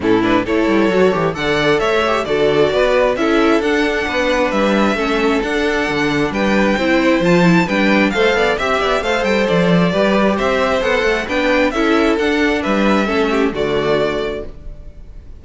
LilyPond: <<
  \new Staff \with { instrumentName = "violin" } { \time 4/4 \tempo 4 = 133 a'8 b'8 cis''2 fis''4 | e''4 d''2 e''4 | fis''2 e''2 | fis''2 g''2 |
a''4 g''4 f''4 e''4 | f''8 g''8 d''2 e''4 | fis''4 g''4 e''4 fis''4 | e''2 d''2 | }
  \new Staff \with { instrumentName = "violin" } { \time 4/4 e'4 a'2 d''4 | cis''4 a'4 b'4 a'4~ | a'4 b'2 a'4~ | a'2 b'4 c''4~ |
c''4 b'4 c''8 d''8 e''8 d''8 | c''2 b'4 c''4~ | c''4 b'4 a'2 | b'4 a'8 g'8 fis'2 | }
  \new Staff \with { instrumentName = "viola" } { \time 4/4 cis'8 d'8 e'4 fis'8 g'8 a'4~ | a'8 g'8 fis'2 e'4 | d'2. cis'4 | d'2. e'4 |
f'8 e'8 d'4 a'4 g'4 | a'2 g'2 | a'4 d'4 e'4 d'4~ | d'4 cis'4 a2 | }
  \new Staff \with { instrumentName = "cello" } { \time 4/4 a,4 a8 g8 fis8 e8 d4 | a4 d4 b4 cis'4 | d'4 b4 g4 a4 | d'4 d4 g4 c'4 |
f4 g4 a8 b8 c'8 b8 | a8 g8 f4 g4 c'4 | b8 a8 b4 cis'4 d'4 | g4 a4 d2 | }
>>